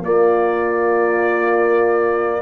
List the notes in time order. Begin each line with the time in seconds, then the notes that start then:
0.00 A#3 D5
0.06 F4